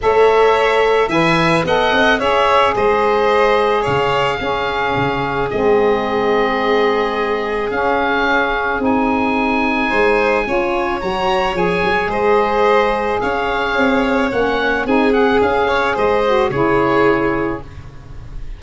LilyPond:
<<
  \new Staff \with { instrumentName = "oboe" } { \time 4/4 \tempo 4 = 109 e''2 gis''4 fis''4 | e''4 dis''2 f''4~ | f''2 dis''2~ | dis''2 f''2 |
gis''1 | ais''4 gis''4 dis''2 | f''2 fis''4 gis''8 fis''8 | f''4 dis''4 cis''2 | }
  \new Staff \with { instrumentName = "violin" } { \time 4/4 cis''2 e''4 dis''4 | cis''4 c''2 cis''4 | gis'1~ | gis'1~ |
gis'2 c''4 cis''4~ | cis''2 c''2 | cis''2. gis'4~ | gis'8 cis''8 c''4 gis'2 | }
  \new Staff \with { instrumentName = "saxophone" } { \time 4/4 a'2 b'4 a'4 | gis'1 | cis'2 c'2~ | c'2 cis'2 |
dis'2. f'4 | fis'4 gis'2.~ | gis'2 cis'4 dis'8 gis'8~ | gis'4. fis'8 e'2 | }
  \new Staff \with { instrumentName = "tuba" } { \time 4/4 a2 e4 b8 c'8 | cis'4 gis2 cis4 | cis'4 cis4 gis2~ | gis2 cis'2 |
c'2 gis4 cis'4 | fis4 f8 fis8 gis2 | cis'4 c'4 ais4 c'4 | cis'4 gis4 cis2 | }
>>